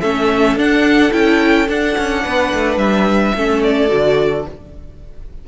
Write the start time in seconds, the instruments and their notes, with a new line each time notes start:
0.00 cello A3, viola C#4, violin A4 E5
0.56 cello D4, viola D4, violin F#5
1.10 cello C#4, viola E4, violin G5
1.67 viola D4, cello D4, violin F#5
1.97 cello C#4
2.24 cello B3, violin B4
2.53 cello A3
2.76 cello G3, violin E5
3.35 cello A3, viola C#4, violin A4
3.62 violin D5
3.88 cello D3, viola F#4